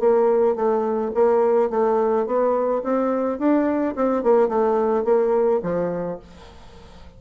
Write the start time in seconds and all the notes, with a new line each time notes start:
0.00 A#3
0.56 A3
1.14 A#3
1.71 A3
2.27 B3
2.84 C4
3.39 D4
3.96 C4
4.24 A#3
4.49 A3
5.05 A#3
5.63 F3